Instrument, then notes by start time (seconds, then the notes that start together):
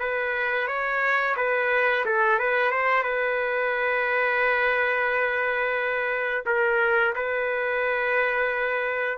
trumpet
0.00 B4
0.67 C#5
1.37 B4
2.05 A4
2.39 B4
2.71 C5
3.03 B4
6.46 A#4
7.15 B4